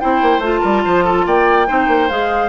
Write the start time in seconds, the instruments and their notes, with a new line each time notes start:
0.00 bassoon C4, clarinet E4, oboe C5, flute G5
0.22 bassoon A#3
0.39 bassoon A3, clarinet F4
0.45 flute A5
0.61 bassoon G3, oboe A#4
0.85 bassoon F3, oboe C5
1.05 oboe A4
1.26 bassoon A#3, oboe D5, flute G5
1.68 bassoon C4, clarinet D#4, oboe C5
1.88 bassoon A#3
2.10 bassoon G#3, clarinet G#4, flute F5